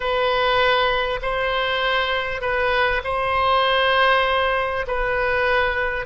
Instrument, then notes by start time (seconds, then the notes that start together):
oboe
0.00 B4
1.21 C5
2.41 B4
3.04 C5
4.87 B4